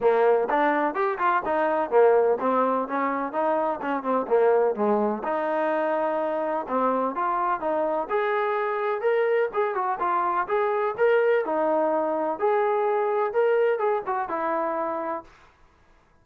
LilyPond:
\new Staff \with { instrumentName = "trombone" } { \time 4/4 \tempo 4 = 126 ais4 d'4 g'8 f'8 dis'4 | ais4 c'4 cis'4 dis'4 | cis'8 c'8 ais4 gis4 dis'4~ | dis'2 c'4 f'4 |
dis'4 gis'2 ais'4 | gis'8 fis'8 f'4 gis'4 ais'4 | dis'2 gis'2 | ais'4 gis'8 fis'8 e'2 | }